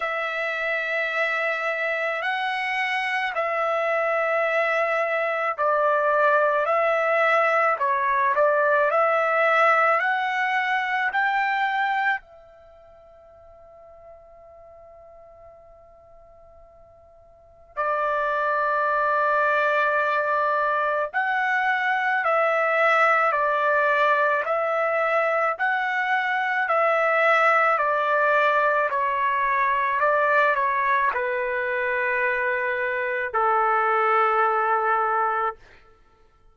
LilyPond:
\new Staff \with { instrumentName = "trumpet" } { \time 4/4 \tempo 4 = 54 e''2 fis''4 e''4~ | e''4 d''4 e''4 cis''8 d''8 | e''4 fis''4 g''4 e''4~ | e''1 |
d''2. fis''4 | e''4 d''4 e''4 fis''4 | e''4 d''4 cis''4 d''8 cis''8 | b'2 a'2 | }